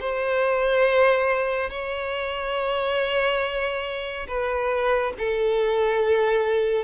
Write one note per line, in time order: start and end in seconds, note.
0.00 1.69 C5
1.69 4.27 C#5
4.27 5.13 B4
5.18 6.84 A4